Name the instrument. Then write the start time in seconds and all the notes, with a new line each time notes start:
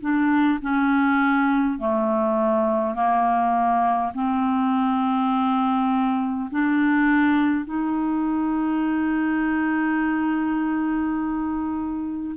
clarinet
0.00 D4
0.61 C#4
1.78 A3
2.95 A#3
4.14 C4
6.50 D4
7.65 D#4